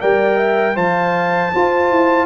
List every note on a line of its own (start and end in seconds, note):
0.00 0.76 G3
0.00 0.75 A#4
0.00 0.36 D5
0.00 0.76 G5
0.36 0.74 E5
0.75 1.52 F3
0.75 1.51 C5
0.75 1.52 F5
0.75 2.26 A5
1.53 2.26 F4
1.53 1.90 F4
1.53 2.26 C5
1.90 2.26 E4